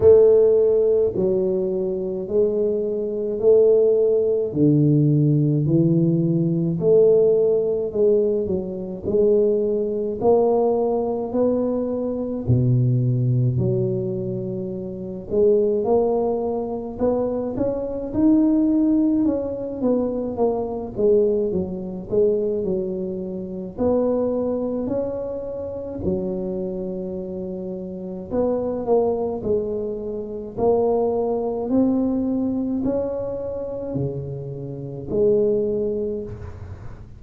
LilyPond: \new Staff \with { instrumentName = "tuba" } { \time 4/4 \tempo 4 = 53 a4 fis4 gis4 a4 | d4 e4 a4 gis8 fis8 | gis4 ais4 b4 b,4 | fis4. gis8 ais4 b8 cis'8 |
dis'4 cis'8 b8 ais8 gis8 fis8 gis8 | fis4 b4 cis'4 fis4~ | fis4 b8 ais8 gis4 ais4 | c'4 cis'4 cis4 gis4 | }